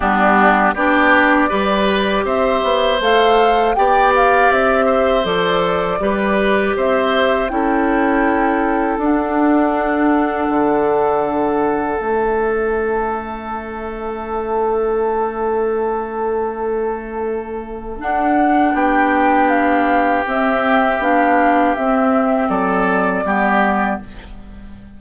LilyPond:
<<
  \new Staff \with { instrumentName = "flute" } { \time 4/4 \tempo 4 = 80 g'4 d''2 e''4 | f''4 g''8 f''8 e''4 d''4~ | d''4 e''4 g''2 | fis''1 |
e''1~ | e''1 | fis''4 g''4 f''4 e''4 | f''4 e''4 d''2 | }
  \new Staff \with { instrumentName = "oboe" } { \time 4/4 d'4 g'4 b'4 c''4~ | c''4 d''4. c''4. | b'4 c''4 a'2~ | a'1~ |
a'1~ | a'1~ | a'4 g'2.~ | g'2 a'4 g'4 | }
  \new Staff \with { instrumentName = "clarinet" } { \time 4/4 b4 d'4 g'2 | a'4 g'2 a'4 | g'2 e'2 | d'1 |
cis'1~ | cis'1 | d'2. c'4 | d'4 c'2 b4 | }
  \new Staff \with { instrumentName = "bassoon" } { \time 4/4 g4 b4 g4 c'8 b8 | a4 b4 c'4 f4 | g4 c'4 cis'2 | d'2 d2 |
a1~ | a1 | d'4 b2 c'4 | b4 c'4 fis4 g4 | }
>>